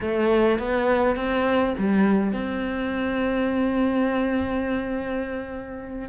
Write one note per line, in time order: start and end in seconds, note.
0.00 0.58 A3
0.58 1.16 B3
1.16 1.74 C4
1.77 2.32 G3
2.32 6.09 C4